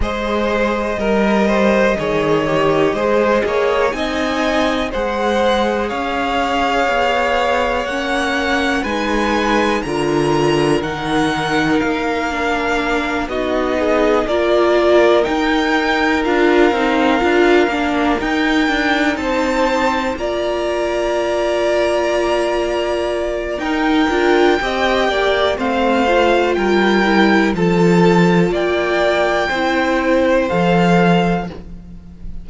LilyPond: <<
  \new Staff \with { instrumentName = "violin" } { \time 4/4 \tempo 4 = 61 dis''1 | gis''4 fis''4 f''2 | fis''4 gis''4 ais''4 fis''4 | f''4. dis''4 d''4 g''8~ |
g''8 f''2 g''4 a''8~ | a''8 ais''2.~ ais''8 | g''2 f''4 g''4 | a''4 g''2 f''4 | }
  \new Staff \with { instrumentName = "violin" } { \time 4/4 c''4 ais'8 c''8 cis''4 c''8 cis''8 | dis''4 c''4 cis''2~ | cis''4 b'4 ais'2~ | ais'4. fis'8 gis'8 ais'4.~ |
ais'2.~ ais'8 c''8~ | c''8 d''2.~ d''8 | ais'4 dis''8 d''8 c''4 ais'4 | a'4 d''4 c''2 | }
  \new Staff \with { instrumentName = "viola" } { \time 4/4 gis'4 ais'4 gis'8 g'8 gis'4 | dis'4 gis'2. | cis'4 dis'4 f'4 dis'4~ | dis'8 d'4 dis'4 f'4 dis'8~ |
dis'8 f'8 dis'8 f'8 d'8 dis'4.~ | dis'8 f'2.~ f'8 | dis'8 f'8 g'4 c'8 f'4 e'8 | f'2 e'4 a'4 | }
  \new Staff \with { instrumentName = "cello" } { \time 4/4 gis4 g4 dis4 gis8 ais8 | c'4 gis4 cis'4 b4 | ais4 gis4 d4 dis4 | ais4. b4 ais4 dis'8~ |
dis'8 d'8 c'8 d'8 ais8 dis'8 d'8 c'8~ | c'8 ais2.~ ais8 | dis'8 d'8 c'8 ais8 a4 g4 | f4 ais4 c'4 f4 | }
>>